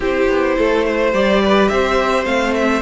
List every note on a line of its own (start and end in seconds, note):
0.00 0.27 C4
0.00 1.13 E4
0.00 0.56 G4
0.00 1.13 C5
0.28 0.56 B3
0.58 1.13 A3
0.58 0.85 A4
0.85 1.42 C5
1.13 1.69 G3
1.13 2.25 G4
1.13 1.67 D5
1.42 1.71 B4
1.67 2.25 C4
1.67 2.81 C5
1.67 2.24 E5
2.25 2.81 A3
2.25 2.81 C4
2.25 2.54 F5
2.54 2.81 E5